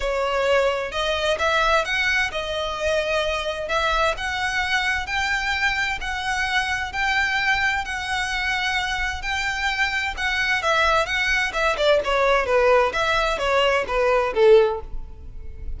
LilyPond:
\new Staff \with { instrumentName = "violin" } { \time 4/4 \tempo 4 = 130 cis''2 dis''4 e''4 | fis''4 dis''2. | e''4 fis''2 g''4~ | g''4 fis''2 g''4~ |
g''4 fis''2. | g''2 fis''4 e''4 | fis''4 e''8 d''8 cis''4 b'4 | e''4 cis''4 b'4 a'4 | }